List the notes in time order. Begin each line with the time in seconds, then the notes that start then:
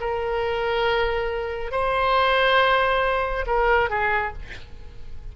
0.00 A#4
1.71 C5
3.47 A#4
3.90 G#4